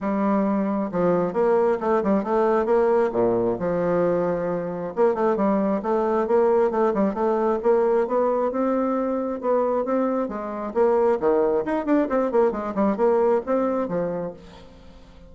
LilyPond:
\new Staff \with { instrumentName = "bassoon" } { \time 4/4 \tempo 4 = 134 g2 f4 ais4 | a8 g8 a4 ais4 ais,4 | f2. ais8 a8 | g4 a4 ais4 a8 g8 |
a4 ais4 b4 c'4~ | c'4 b4 c'4 gis4 | ais4 dis4 dis'8 d'8 c'8 ais8 | gis8 g8 ais4 c'4 f4 | }